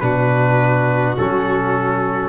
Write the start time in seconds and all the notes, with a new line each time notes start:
0.00 B2 D4 F#4 B4
1.18 F#3 C#4 A4